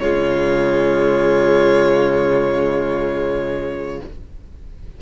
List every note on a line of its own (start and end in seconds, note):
0.00 4.01 C#3
0.00 4.02 G#3
0.00 4.02 F4
0.00 4.00 C#5